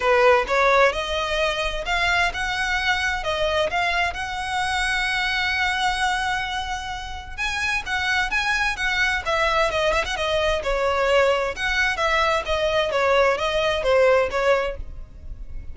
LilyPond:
\new Staff \with { instrumentName = "violin" } { \time 4/4 \tempo 4 = 130 b'4 cis''4 dis''2 | f''4 fis''2 dis''4 | f''4 fis''2.~ | fis''1 |
gis''4 fis''4 gis''4 fis''4 | e''4 dis''8 e''16 fis''16 dis''4 cis''4~ | cis''4 fis''4 e''4 dis''4 | cis''4 dis''4 c''4 cis''4 | }